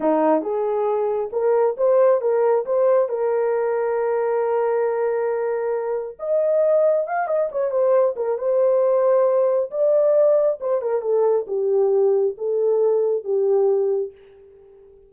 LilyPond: \new Staff \with { instrumentName = "horn" } { \time 4/4 \tempo 4 = 136 dis'4 gis'2 ais'4 | c''4 ais'4 c''4 ais'4~ | ais'1~ | ais'2 dis''2 |
f''8 dis''8 cis''8 c''4 ais'8 c''4~ | c''2 d''2 | c''8 ais'8 a'4 g'2 | a'2 g'2 | }